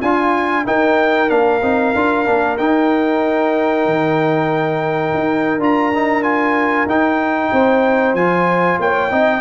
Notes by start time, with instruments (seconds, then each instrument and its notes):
0.00 tuba D4, horn F4, trombone F4, trumpet G#5
0.65 trombone D#4, tuba D#4, horn A#4, trumpet G5
1.29 tuba A#3, trombone D4, trumpet F5
1.62 tuba C4, trombone D#4
1.95 tuba D4, trombone F4
2.26 tuba A#3, trombone D4
2.58 tuba D#4, trombone D#4, trumpet G5
3.86 tuba D#3
5.14 tuba D#4
5.58 tuba D4, trombone F4, trumpet A#5
5.94 trombone D#4
6.23 trombone F4, trumpet G#5
6.86 tuba D#4, trombone D#4, trumpet G5
7.52 tuba C4, horn C5
8.14 tuba F3, trombone F4, trumpet G#5
8.79 tuba A#3, horn C#5, trumpet G5
9.11 tuba C4, trombone D#4, horn D#5